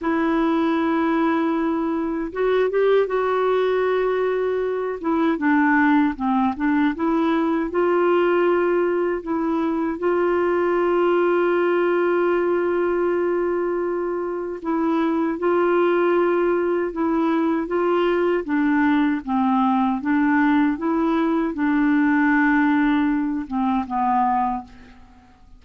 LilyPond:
\new Staff \with { instrumentName = "clarinet" } { \time 4/4 \tempo 4 = 78 e'2. fis'8 g'8 | fis'2~ fis'8 e'8 d'4 | c'8 d'8 e'4 f'2 | e'4 f'2.~ |
f'2. e'4 | f'2 e'4 f'4 | d'4 c'4 d'4 e'4 | d'2~ d'8 c'8 b4 | }